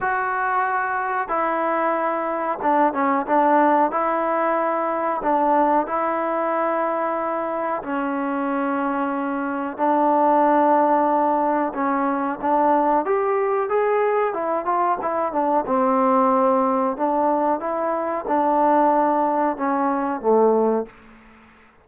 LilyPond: \new Staff \with { instrumentName = "trombone" } { \time 4/4 \tempo 4 = 92 fis'2 e'2 | d'8 cis'8 d'4 e'2 | d'4 e'2. | cis'2. d'4~ |
d'2 cis'4 d'4 | g'4 gis'4 e'8 f'8 e'8 d'8 | c'2 d'4 e'4 | d'2 cis'4 a4 | }